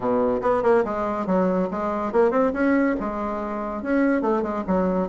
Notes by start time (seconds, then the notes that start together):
0.00 B2
0.41 B3
0.63 A#3
0.84 G#3
1.26 F#3
1.70 G#3
2.12 A#3
2.30 C4
2.53 C#4
3.00 G#3
3.82 C#4
4.21 A3
4.42 G#3
4.67 F#3